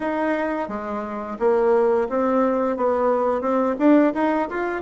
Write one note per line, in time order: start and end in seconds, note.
0.00 0.68 D#4
0.68 1.37 G#3
1.39 2.08 A#3
2.09 2.76 C4
2.76 3.41 B3
3.41 3.75 C4
3.78 4.13 D4
4.14 4.48 D#4
4.49 4.81 F4